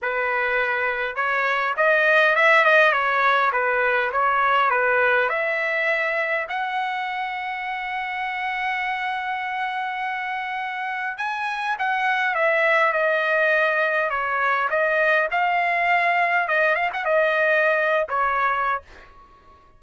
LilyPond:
\new Staff \with { instrumentName = "trumpet" } { \time 4/4 \tempo 4 = 102 b'2 cis''4 dis''4 | e''8 dis''8 cis''4 b'4 cis''4 | b'4 e''2 fis''4~ | fis''1~ |
fis''2. gis''4 | fis''4 e''4 dis''2 | cis''4 dis''4 f''2 | dis''8 f''16 fis''16 dis''4.~ dis''16 cis''4~ cis''16 | }